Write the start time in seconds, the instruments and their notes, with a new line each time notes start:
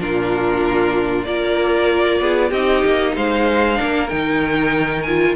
0.00 cello A#2, viola D4, violin F4 A#4
1.25 cello A#3, viola F4, violin A#4 D5
2.20 cello B3, violin G#4
2.50 cello C4, viola D#4, violin G4 D#5
2.85 cello A#3
3.16 cello G#3, violin C5 F5
3.75 viola D4, violin A#4
3.81 cello A#3
4.09 cello D#3, viola D#4, violin G5
5.02 viola F4, violin G#5